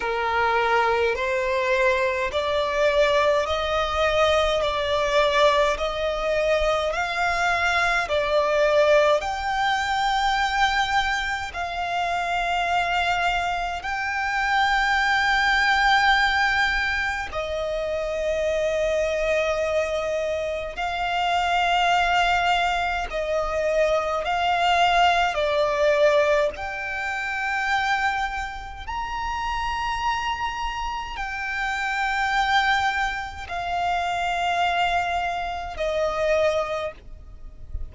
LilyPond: \new Staff \with { instrumentName = "violin" } { \time 4/4 \tempo 4 = 52 ais'4 c''4 d''4 dis''4 | d''4 dis''4 f''4 d''4 | g''2 f''2 | g''2. dis''4~ |
dis''2 f''2 | dis''4 f''4 d''4 g''4~ | g''4 ais''2 g''4~ | g''4 f''2 dis''4 | }